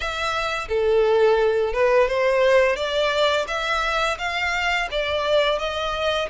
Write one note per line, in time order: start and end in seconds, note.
0.00 0.68 E5
0.68 1.73 A4
1.73 2.07 B4
2.07 2.76 C5
2.76 3.45 D5
3.47 4.17 E5
4.18 4.88 F5
4.91 5.58 D5
5.58 6.28 D#5